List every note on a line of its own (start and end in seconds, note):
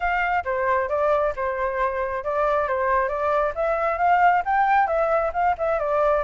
0.00 0.43 F5
0.44 0.88 C5
0.88 1.33 D5
1.36 2.24 C5
2.24 2.67 D5
2.67 3.08 C5
3.08 3.53 D5
3.55 3.98 E5
3.98 4.42 F5
4.45 4.87 G5
4.87 5.31 E5
5.33 5.55 F5
5.58 5.79 E5
5.79 6.23 D5